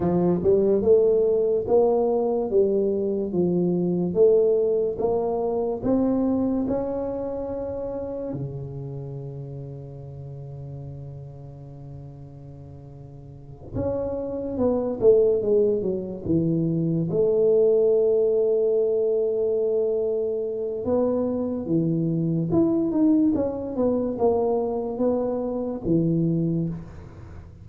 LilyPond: \new Staff \with { instrumentName = "tuba" } { \time 4/4 \tempo 4 = 72 f8 g8 a4 ais4 g4 | f4 a4 ais4 c'4 | cis'2 cis2~ | cis1~ |
cis8 cis'4 b8 a8 gis8 fis8 e8~ | e8 a2.~ a8~ | a4 b4 e4 e'8 dis'8 | cis'8 b8 ais4 b4 e4 | }